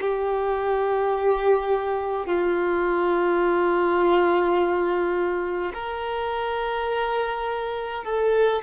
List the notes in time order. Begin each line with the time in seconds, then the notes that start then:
0.00 G4
2.26 F4
5.73 A#4
8.04 A4